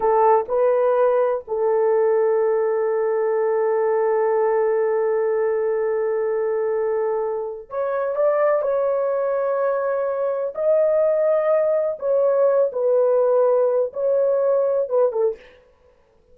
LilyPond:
\new Staff \with { instrumentName = "horn" } { \time 4/4 \tempo 4 = 125 a'4 b'2 a'4~ | a'1~ | a'1~ | a'1 |
cis''4 d''4 cis''2~ | cis''2 dis''2~ | dis''4 cis''4. b'4.~ | b'4 cis''2 b'8 a'8 | }